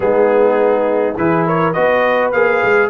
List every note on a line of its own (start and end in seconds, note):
0.00 1.16 G#3
0.00 1.14 B3
0.00 1.17 D#4
0.00 1.17 G#4
1.17 1.75 E3
1.17 1.74 E4
1.17 1.46 G#4
1.17 1.46 B4
1.46 1.73 A#4
1.46 1.72 C#5
1.72 2.33 B3
1.72 2.32 F#4
1.72 2.90 B4
1.72 2.30 D#5
2.32 2.62 A#3
2.32 2.90 G#4
2.32 2.90 F5
2.64 2.90 G#3